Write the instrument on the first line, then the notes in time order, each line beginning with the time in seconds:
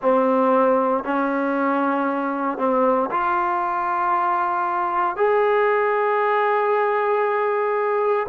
trombone
0.02 C4
1.03 C#4
2.58 C4
3.10 F4
5.16 G#4